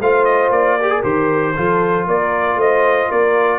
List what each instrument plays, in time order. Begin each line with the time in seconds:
0.00 tuba A3, trombone F4, horn C5, trumpet F5
0.25 trumpet D#5
0.50 tuba A#3, trumpet D5
0.79 trombone G4, horn A#4
0.90 trombone G#4
1.03 tuba D#3, trombone G4, trumpet C5
1.56 tuba F3, trombone F4, horn A4
2.07 tuba A#3, horn A#4, trumpet D5
2.55 tuba A3, horn C5, trumpet D#5
3.09 tuba A#3, horn A#4, trumpet D5